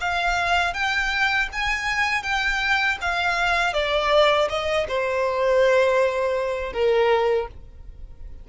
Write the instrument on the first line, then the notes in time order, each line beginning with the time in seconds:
violin
0.00 F5
0.73 G5
1.52 G#5
2.23 G5
3.01 F5
3.73 D5
4.49 D#5
4.88 C5
6.72 A#4